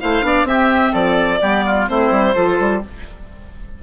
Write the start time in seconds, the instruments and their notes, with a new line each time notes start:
0.00 bassoon A3, clarinet E4, oboe C5, violin F5
0.22 bassoon B3, clarinet D4, oboe D5
0.43 bassoon C4, clarinet C4, oboe G4, violin E5
0.92 bassoon F3, oboe A4, violin D5
1.40 bassoon G3, clarinet B3, oboe G4
1.66 oboe F4
1.87 bassoon A3, clarinet C4, oboe E4, violin C5
2.11 bassoon G3
2.34 bassoon F3, clarinet F4, oboe A4
2.59 bassoon G3